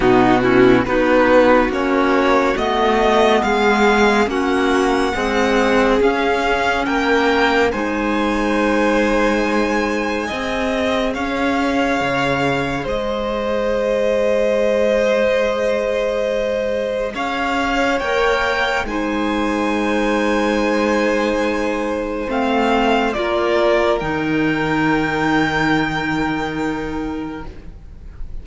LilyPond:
<<
  \new Staff \with { instrumentName = "violin" } { \time 4/4 \tempo 4 = 70 fis'4 b'4 cis''4 dis''4 | f''4 fis''2 f''4 | g''4 gis''2.~ | gis''4 f''2 dis''4~ |
dis''1 | f''4 g''4 gis''2~ | gis''2 f''4 d''4 | g''1 | }
  \new Staff \with { instrumentName = "violin" } { \time 4/4 dis'8 e'8 fis'2. | gis'4 fis'4 gis'2 | ais'4 c''2. | dis''4 cis''2 c''4~ |
c''1 | cis''2 c''2~ | c''2. ais'4~ | ais'1 | }
  \new Staff \with { instrumentName = "clarinet" } { \time 4/4 b8 cis'8 dis'4 cis'4 b4~ | b4 cis'4 gis4 cis'4~ | cis'4 dis'2. | gis'1~ |
gis'1~ | gis'4 ais'4 dis'2~ | dis'2 c'4 f'4 | dis'1 | }
  \new Staff \with { instrumentName = "cello" } { \time 4/4 b,4 b4 ais4 a4 | gis4 ais4 c'4 cis'4 | ais4 gis2. | c'4 cis'4 cis4 gis4~ |
gis1 | cis'4 ais4 gis2~ | gis2 a4 ais4 | dis1 | }
>>